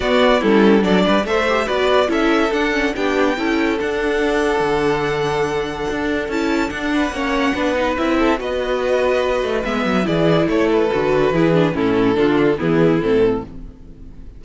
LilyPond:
<<
  \new Staff \with { instrumentName = "violin" } { \time 4/4 \tempo 4 = 143 d''4 a'4 d''4 e''4 | d''4 e''4 fis''4 g''4~ | g''4 fis''2.~ | fis''2. a''4 |
fis''2. e''4 | dis''2. e''4 | d''4 cis''8 b'2~ b'8 | a'2 gis'4 a'4 | }
  \new Staff \with { instrumentName = "violin" } { \time 4/4 fis'4 e'4 a'8 b'8 c''4 | b'4 a'2 g'4 | a'1~ | a'1~ |
a'8 b'8 cis''4 b'4. a'8 | b'1 | gis'4 a'2 gis'4 | e'4 f'4 e'2 | }
  \new Staff \with { instrumentName = "viola" } { \time 4/4 b4 cis'4 d'4 a'8 g'8 | fis'4 e'4 d'8 cis'8 d'4 | e'4 d'2.~ | d'2. e'4 |
d'4 cis'4 d'8 dis'8 e'4 | fis'2. b4 | e'2 fis'4 e'8 d'8 | cis'4 d'4 b4 c'4 | }
  \new Staff \with { instrumentName = "cello" } { \time 4/4 b4 g4 fis8 g8 a4 | b4 cis'4 d'4 b4 | cis'4 d'2 d4~ | d2 d'4 cis'4 |
d'4 ais4 b4 c'4 | b2~ b8 a8 gis8 fis8 | e4 a4 d4 e4 | a,4 d4 e4 a,4 | }
>>